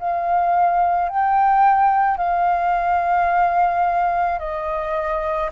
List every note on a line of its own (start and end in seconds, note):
0.00 1.10 F5
1.10 2.18 G5
2.18 4.39 F5
4.39 5.51 D#5